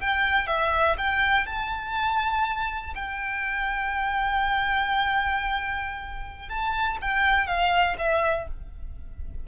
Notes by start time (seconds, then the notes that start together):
0.00 G5
0.47 E5
0.98 G5
1.46 A5
2.95 G5
6.49 A5
7.01 G5
7.47 F5
7.98 E5